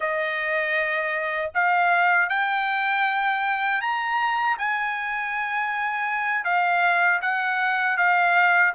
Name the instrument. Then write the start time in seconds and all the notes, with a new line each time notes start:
trumpet
0.00 D#5
1.54 F5
2.29 G5
3.81 A#5
4.58 G#5
6.44 F5
7.21 F#5
7.97 F5